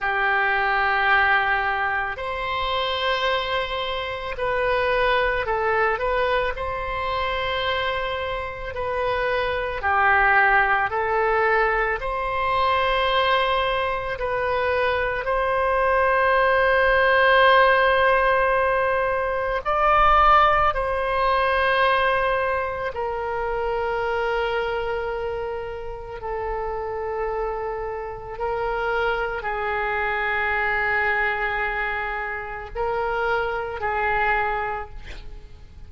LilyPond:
\new Staff \with { instrumentName = "oboe" } { \time 4/4 \tempo 4 = 55 g'2 c''2 | b'4 a'8 b'8 c''2 | b'4 g'4 a'4 c''4~ | c''4 b'4 c''2~ |
c''2 d''4 c''4~ | c''4 ais'2. | a'2 ais'4 gis'4~ | gis'2 ais'4 gis'4 | }